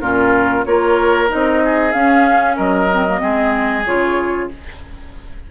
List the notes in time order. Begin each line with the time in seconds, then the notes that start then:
0.00 A#2 C#4 F4 A#4
0.64 A#3 F4 A#4 C#5
1.28 C4 D#4 D#5
1.64 G#4
1.91 C#4 F5
2.56 F#3 A#4 D#5
2.90 C4
3.08 A#3
3.18 G#3 C4 G#4
3.85 C#3 F4 C#5